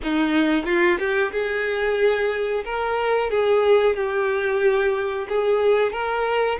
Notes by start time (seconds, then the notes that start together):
0.03 D#4
0.65 F4
0.98 G4
1.32 G#4
2.64 A#4
3.30 G#4
3.96 G4
5.29 G#4
5.92 A#4